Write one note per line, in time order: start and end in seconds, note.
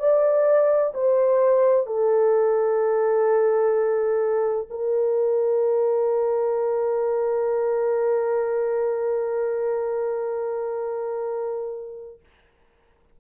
0.00 0.94 D5
0.95 1.87 C5
1.87 4.68 A4
4.70 12.20 A#4